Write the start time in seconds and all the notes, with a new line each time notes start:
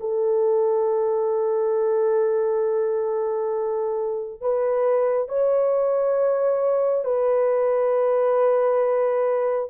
0.00 A4
4.41 B4
5.28 C#5
7.04 B4